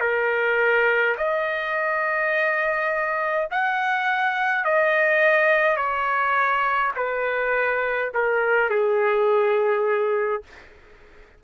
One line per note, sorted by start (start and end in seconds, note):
0.00 1.15 A#4
1.17 3.48 D#5
3.51 4.65 F#5
4.65 5.76 D#5
5.76 6.92 C#5
6.96 8.11 B4
8.14 8.70 A#4
8.70 10.43 G#4